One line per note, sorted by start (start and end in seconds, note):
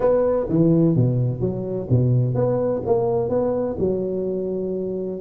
0.00 0.46 B3
0.49 0.95 E3
0.95 1.40 B2
1.40 1.87 F#3
1.90 2.35 B2
2.35 2.82 B3
2.86 3.29 A#3
3.29 3.76 B3
3.79 5.20 F#3